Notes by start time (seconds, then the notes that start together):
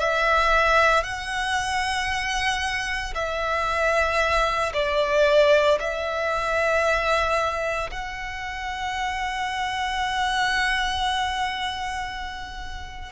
0.00 E5
1.03 F#5
3.15 E5
4.74 D5
5.80 E5
7.91 F#5